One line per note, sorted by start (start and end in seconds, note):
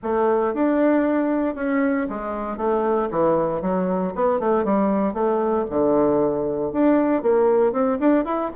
0.03 0.54 A3
0.54 1.55 D4
1.55 2.07 C#4
2.09 2.57 G#3
2.57 3.08 A3
3.10 3.61 E3
3.61 4.13 F#3
4.15 4.39 B3
4.39 4.64 A3
4.64 5.13 G3
5.13 5.65 A3
5.70 6.72 D3
6.72 7.22 D4
7.22 7.72 A#3
7.72 7.98 C4
7.99 8.25 D4
8.25 8.50 E4